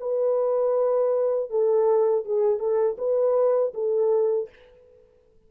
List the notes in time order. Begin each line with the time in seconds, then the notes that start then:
0.00 B4
1.50 A4
2.25 G#4
2.59 A4
2.98 B4
3.74 A4